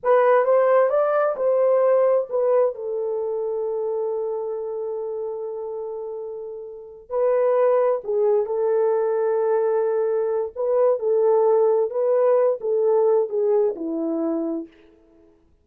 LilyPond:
\new Staff \with { instrumentName = "horn" } { \time 4/4 \tempo 4 = 131 b'4 c''4 d''4 c''4~ | c''4 b'4 a'2~ | a'1~ | a'2.~ a'8 b'8~ |
b'4. gis'4 a'4.~ | a'2. b'4 | a'2 b'4. a'8~ | a'4 gis'4 e'2 | }